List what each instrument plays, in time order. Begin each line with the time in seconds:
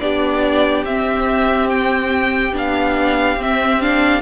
0.00 cello B3, viola D4, violin G4 D5
0.85 cello C4, viola C4, violin E5
1.70 violin G5
2.53 cello B3, viola D4, violin F5
3.37 cello C4, viola C4, violin E5
3.81 viola D4, violin F5